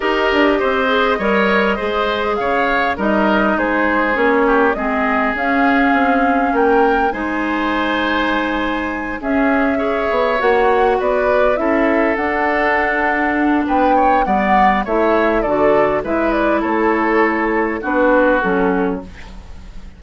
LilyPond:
<<
  \new Staff \with { instrumentName = "flute" } { \time 4/4 \tempo 4 = 101 dis''1 | f''4 dis''4 c''4 cis''4 | dis''4 f''2 g''4 | gis''2.~ gis''8 e''8~ |
e''4. fis''4 d''4 e''8~ | e''8 fis''2~ fis''8 g''4 | fis''4 e''4 d''4 e''8 d''8 | cis''2 b'4 a'4 | }
  \new Staff \with { instrumentName = "oboe" } { \time 4/4 ais'4 c''4 cis''4 c''4 | cis''4 ais'4 gis'4. g'8 | gis'2. ais'4 | c''2.~ c''8 gis'8~ |
gis'8 cis''2 b'4 a'8~ | a'2. b'8 cis''8 | d''4 cis''4 a'4 b'4 | a'2 fis'2 | }
  \new Staff \with { instrumentName = "clarinet" } { \time 4/4 g'4. gis'8 ais'4 gis'4~ | gis'4 dis'2 cis'4 | c'4 cis'2. | dis'2.~ dis'8 cis'8~ |
cis'8 gis'4 fis'2 e'8~ | e'8 d'2.~ d'8 | b4 e'4 fis'4 e'4~ | e'2 d'4 cis'4 | }
  \new Staff \with { instrumentName = "bassoon" } { \time 4/4 dis'8 d'8 c'4 g4 gis4 | cis4 g4 gis4 ais4 | gis4 cis'4 c'4 ais4 | gis2.~ gis8 cis'8~ |
cis'4 b8 ais4 b4 cis'8~ | cis'8 d'2~ d'8 b4 | g4 a4 d4 gis4 | a2 b4 fis4 | }
>>